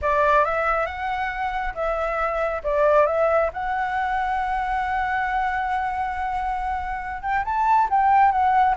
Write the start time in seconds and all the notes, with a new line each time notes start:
0.01 D5
0.44 E5
0.86 F#5
1.74 E5
2.63 D5
3.06 E5
3.53 F#5
7.22 G5
7.44 A5
7.90 G5
8.31 F#5